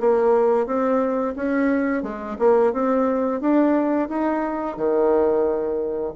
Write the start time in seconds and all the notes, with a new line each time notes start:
0.00 A#3
0.66 C4
1.36 C#4
2.03 G#3
2.39 A#3
2.73 C4
3.41 D4
4.09 D#4
4.77 D#3